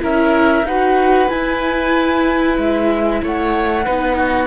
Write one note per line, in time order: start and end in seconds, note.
0.00 0.63 C#4
0.00 0.64 E4
0.00 0.67 A#4
0.00 0.67 E5
0.63 1.27 D#4
0.63 3.23 B4
0.63 1.28 F#5
0.69 1.29 F#4
1.28 3.84 E4
1.28 2.58 E4
1.28 2.56 G#5
2.58 3.22 G#3
2.58 3.23 E5
3.23 3.87 A3
3.23 3.85 C#5
3.23 4.48 F#5
3.85 4.48 B3
3.85 4.48 D#4
3.85 4.17 B4
4.17 4.48 F#4